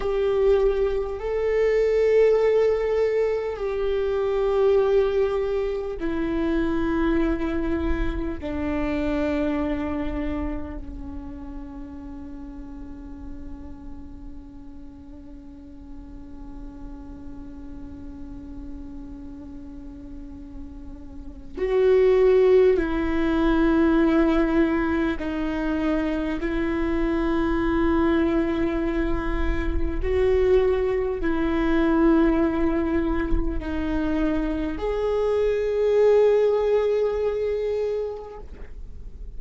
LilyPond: \new Staff \with { instrumentName = "viola" } { \time 4/4 \tempo 4 = 50 g'4 a'2 g'4~ | g'4 e'2 d'4~ | d'4 cis'2.~ | cis'1~ |
cis'2 fis'4 e'4~ | e'4 dis'4 e'2~ | e'4 fis'4 e'2 | dis'4 gis'2. | }